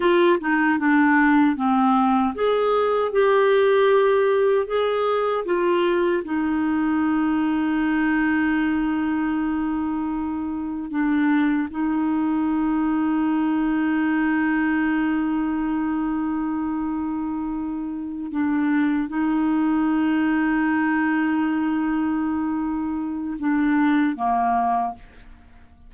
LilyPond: \new Staff \with { instrumentName = "clarinet" } { \time 4/4 \tempo 4 = 77 f'8 dis'8 d'4 c'4 gis'4 | g'2 gis'4 f'4 | dis'1~ | dis'2 d'4 dis'4~ |
dis'1~ | dis'2.~ dis'8 d'8~ | d'8 dis'2.~ dis'8~ | dis'2 d'4 ais4 | }